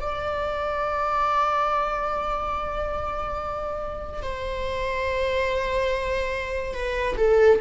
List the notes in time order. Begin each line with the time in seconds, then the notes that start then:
0.00 D5
4.22 C5
6.73 B4
7.17 A4